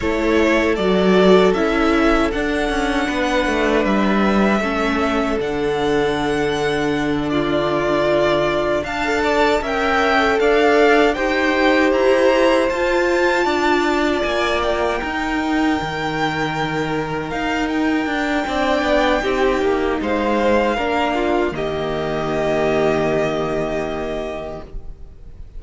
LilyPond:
<<
  \new Staff \with { instrumentName = "violin" } { \time 4/4 \tempo 4 = 78 cis''4 d''4 e''4 fis''4~ | fis''4 e''2 fis''4~ | fis''4. d''2 a''8~ | a''8 g''4 f''4 g''4 ais''8~ |
ais''8 a''2 gis''8 g''4~ | g''2~ g''8 f''8 g''4~ | g''2 f''2 | dis''1 | }
  \new Staff \with { instrumentName = "violin" } { \time 4/4 a'1 | b'2 a'2~ | a'4. f'2 f''8 | d''8 e''4 d''4 c''4.~ |
c''4. d''2 ais'8~ | ais'1 | d''4 g'4 c''4 ais'8 f'8 | g'1 | }
  \new Staff \with { instrumentName = "viola" } { \time 4/4 e'4 fis'4 e'4 d'4~ | d'2 cis'4 d'4~ | d'2.~ d'8. a'16~ | a'8 ais'8. a'4~ a'16 g'4.~ |
g'8 f'2. dis'8~ | dis'1 | d'4 dis'2 d'4 | ais1 | }
  \new Staff \with { instrumentName = "cello" } { \time 4/4 a4 fis4 cis'4 d'8 cis'8 | b8 a8 g4 a4 d4~ | d2.~ d8 d'8~ | d'8 cis'4 d'4 dis'4 e'8~ |
e'8 f'4 d'4 ais4 dis'8~ | dis'8 dis2 dis'4 d'8 | c'8 b8 c'8 ais8 gis4 ais4 | dis1 | }
>>